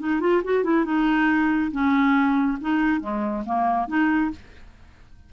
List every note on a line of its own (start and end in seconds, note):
0.00 0.21 D#4
0.21 0.42 F4
0.44 0.64 F#4
0.64 0.85 E4
0.85 1.71 D#4
1.72 2.58 C#4
2.61 3.00 D#4
3.00 3.44 G#3
3.46 3.88 A#3
3.88 4.31 D#4